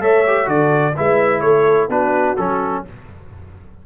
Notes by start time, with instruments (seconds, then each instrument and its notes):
0.00 tuba A3, trombone A4, horn C#5, trumpet E5
0.27 trombone G4
0.45 tuba D3, trombone F#4, horn A4, trumpet D5
0.95 tuba G#3, trombone E4, horn B4, trumpet E5
1.40 tuba A3, horn A4, trumpet C#5
1.88 tuba B3, trombone D4, horn F#4, trumpet B4
2.36 tuba F#3, trombone C#4, trumpet A4